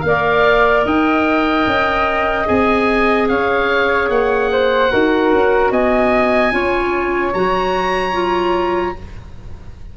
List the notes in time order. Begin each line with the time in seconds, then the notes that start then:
0.00 A#3 A#4 F5
0.06 D5
0.84 D#4 D#5 G5
1.66 C#4
2.45 C4 G#4 G#5
3.28 C#4 C#5 F5
4.09 A#3 F#5
4.51 C5
4.90 D#4 F#4 A#4
5.32 C#4
5.71 B3 D#5 G#5
6.51 C#4 F4 C#5
7.33 F#3 F#4 A#5
8.12 F4